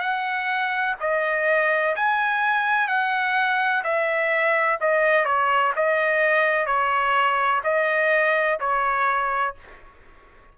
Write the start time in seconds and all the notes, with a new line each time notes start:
0.00 F#5
1.00 D#5
1.96 G#5
2.88 F#5
3.84 E5
4.81 D#5
5.25 C#5
5.76 D#5
6.66 C#5
7.64 D#5
8.60 C#5